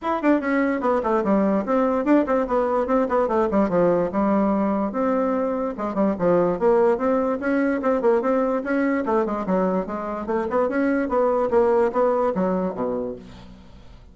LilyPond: \new Staff \with { instrumentName = "bassoon" } { \time 4/4 \tempo 4 = 146 e'8 d'8 cis'4 b8 a8 g4 | c'4 d'8 c'8 b4 c'8 b8 | a8 g8 f4 g2 | c'2 gis8 g8 f4 |
ais4 c'4 cis'4 c'8 ais8 | c'4 cis'4 a8 gis8 fis4 | gis4 a8 b8 cis'4 b4 | ais4 b4 fis4 b,4 | }